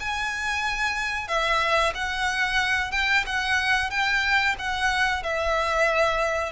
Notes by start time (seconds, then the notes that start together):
0.00 G#5
1.28 E5
1.95 F#5
2.92 G5
3.26 F#5
3.90 G5
4.59 F#5
5.24 E5